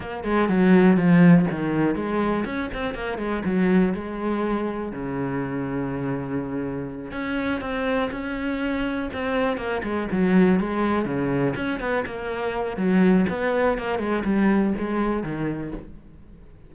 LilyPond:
\new Staff \with { instrumentName = "cello" } { \time 4/4 \tempo 4 = 122 ais8 gis8 fis4 f4 dis4 | gis4 cis'8 c'8 ais8 gis8 fis4 | gis2 cis2~ | cis2~ cis8 cis'4 c'8~ |
c'8 cis'2 c'4 ais8 | gis8 fis4 gis4 cis4 cis'8 | b8 ais4. fis4 b4 | ais8 gis8 g4 gis4 dis4 | }